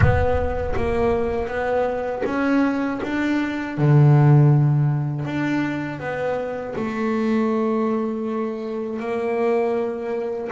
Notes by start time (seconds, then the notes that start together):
0.00 B3
0.76 A#3
1.47 B3
2.25 C#4
3.03 D4
3.77 D3
5.25 D4
5.99 B3
6.75 A3
8.99 A#3